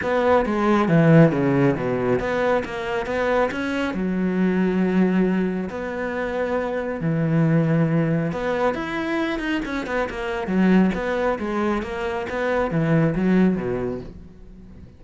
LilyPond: \new Staff \with { instrumentName = "cello" } { \time 4/4 \tempo 4 = 137 b4 gis4 e4 cis4 | b,4 b4 ais4 b4 | cis'4 fis2.~ | fis4 b2. |
e2. b4 | e'4. dis'8 cis'8 b8 ais4 | fis4 b4 gis4 ais4 | b4 e4 fis4 b,4 | }